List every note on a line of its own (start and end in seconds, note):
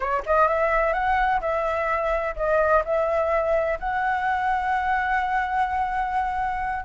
0.00 0.23 C#5
0.26 0.47 D#5
0.47 0.93 E5
0.93 1.40 F#5
1.40 2.35 E5
2.35 2.83 D#5
2.84 3.79 E5
3.79 6.85 F#5